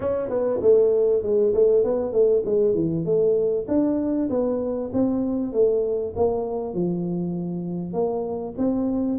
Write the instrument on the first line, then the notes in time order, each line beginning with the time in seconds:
tuba
0.00 C#4
0.29 B3
0.61 A3
1.22 G#3
1.54 A3
1.84 B3
2.12 A3
2.45 G#3
2.74 E3
3.05 A3
3.68 D4
4.29 B3
4.93 C4
5.52 A3
6.16 A#3
6.73 F3
7.93 A#3
8.57 C4